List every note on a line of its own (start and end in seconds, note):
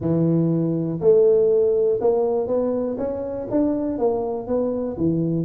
0.00 0.99 E3
1.00 1.99 A3
2.00 2.47 A#3
2.47 2.96 B3
2.97 3.47 C#4
3.50 3.98 D4
3.98 4.47 A#3
4.47 4.96 B3
4.97 5.45 E3